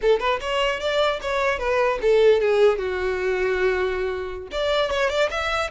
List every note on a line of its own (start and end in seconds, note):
0.01 0.19 A4
0.19 0.39 B4
0.40 0.80 C#5
0.80 1.20 D5
1.21 1.59 C#5
1.59 1.99 B4
2.01 2.40 A4
2.40 2.78 G#4
2.78 4.48 F#4
4.51 4.90 D5
4.90 5.09 C#5
5.09 5.29 D5
5.30 5.70 E5